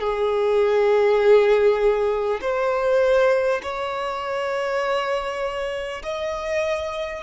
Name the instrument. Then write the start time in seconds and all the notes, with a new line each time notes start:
violin
0.00 G#4
2.42 C5
3.63 C#5
6.03 D#5